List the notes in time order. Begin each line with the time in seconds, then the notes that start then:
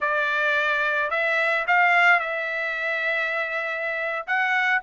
0.00 D5
1.10 E5
1.67 F5
2.19 E5
4.26 F#5